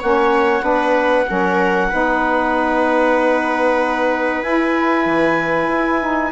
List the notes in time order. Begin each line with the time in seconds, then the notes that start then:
0.00 A#3 C#4 C#5 F#5
0.62 B3 D4 B4
1.27 F#3 C#4 A#4
1.89 B3 D#4 B4
4.43 E4 G#5
5.06 E3
5.68 E4
6.01 D#4